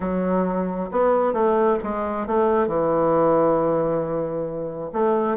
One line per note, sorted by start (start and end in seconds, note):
0.00 0.90 F#3
0.91 1.33 B3
1.33 1.77 A3
1.83 2.26 G#3
2.26 2.67 A3
2.67 4.91 E3
4.92 5.37 A3